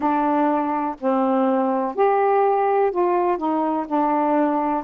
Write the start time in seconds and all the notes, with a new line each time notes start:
0.00 D4
0.99 C4
1.95 G4
2.91 F4
3.37 D#4
3.87 D4